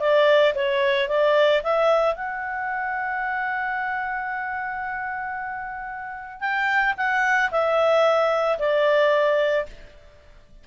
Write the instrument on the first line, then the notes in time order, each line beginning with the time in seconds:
clarinet
0.00 D5
0.55 C#5
1.09 D5
1.63 E5
2.15 F#5
6.41 G5
6.97 F#5
7.51 E5
8.59 D5